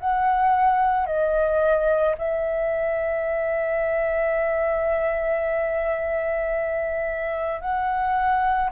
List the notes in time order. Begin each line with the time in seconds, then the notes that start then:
0.00 F#5
1.07 D#5
2.18 E5
7.62 F#5